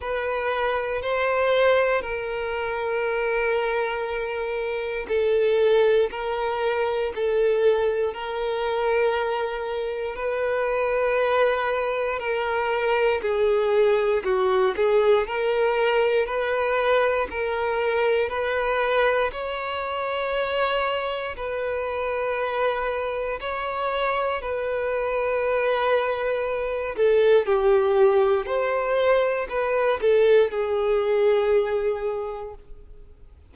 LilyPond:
\new Staff \with { instrumentName = "violin" } { \time 4/4 \tempo 4 = 59 b'4 c''4 ais'2~ | ais'4 a'4 ais'4 a'4 | ais'2 b'2 | ais'4 gis'4 fis'8 gis'8 ais'4 |
b'4 ais'4 b'4 cis''4~ | cis''4 b'2 cis''4 | b'2~ b'8 a'8 g'4 | c''4 b'8 a'8 gis'2 | }